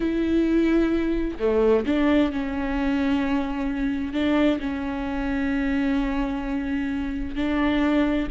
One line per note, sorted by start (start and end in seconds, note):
0.00 1.38 E4
1.39 1.85 A3
1.86 2.32 D4
2.32 4.13 C#4
4.13 4.59 D4
4.59 7.35 C#4
7.35 8.28 D4